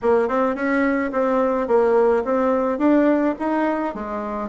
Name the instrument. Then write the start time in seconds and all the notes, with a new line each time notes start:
bassoon
0.02 A#3
0.28 C4
0.55 C#4
1.12 C4
1.67 A#3
2.24 C4
2.78 D4
3.39 D#4
3.94 G#3